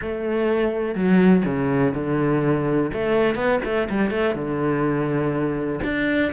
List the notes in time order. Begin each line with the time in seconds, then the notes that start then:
0.01 A3
0.94 F#3
1.45 C#3
1.94 D3
2.93 A3
3.35 B3
3.64 A3
3.89 G3
4.10 A3
4.34 D3
5.83 D4